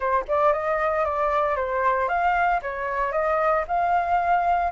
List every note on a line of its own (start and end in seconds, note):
0.00 0.25 C5
0.28 0.52 D5
0.52 1.04 D#5
1.05 1.56 D5
1.56 2.08 C5
2.08 2.60 F5
2.62 3.12 C#5
3.12 3.64 D#5
3.67 4.71 F5